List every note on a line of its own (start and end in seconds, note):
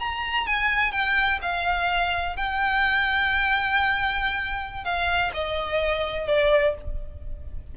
0.00 0.47 A#5
0.47 0.92 G#5
0.92 1.39 G5
1.42 2.37 F5
2.37 4.85 G5
4.85 5.32 F5
5.34 6.28 D#5
6.28 6.75 D5